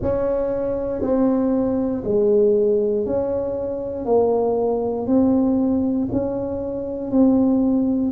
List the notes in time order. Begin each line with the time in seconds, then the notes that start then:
0.02 C#4
1.01 C4
2.04 G#3
3.06 C#4
4.05 A#3
5.06 C4
6.12 C#4
7.11 C4